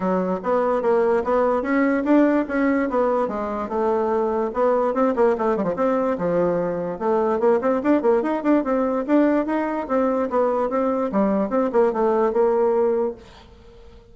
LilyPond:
\new Staff \with { instrumentName = "bassoon" } { \time 4/4 \tempo 4 = 146 fis4 b4 ais4 b4 | cis'4 d'4 cis'4 b4 | gis4 a2 b4 | c'8 ais8 a8 g16 f16 c'4 f4~ |
f4 a4 ais8 c'8 d'8 ais8 | dis'8 d'8 c'4 d'4 dis'4 | c'4 b4 c'4 g4 | c'8 ais8 a4 ais2 | }